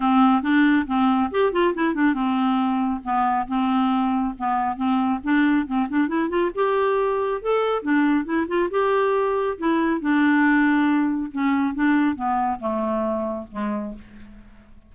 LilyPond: \new Staff \with { instrumentName = "clarinet" } { \time 4/4 \tempo 4 = 138 c'4 d'4 c'4 g'8 f'8 | e'8 d'8 c'2 b4 | c'2 b4 c'4 | d'4 c'8 d'8 e'8 f'8 g'4~ |
g'4 a'4 d'4 e'8 f'8 | g'2 e'4 d'4~ | d'2 cis'4 d'4 | b4 a2 gis4 | }